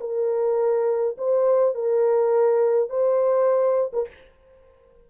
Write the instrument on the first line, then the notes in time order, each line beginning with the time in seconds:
horn
0.00 A#4
1.18 C5
1.75 A#4
2.89 C5
3.93 A#4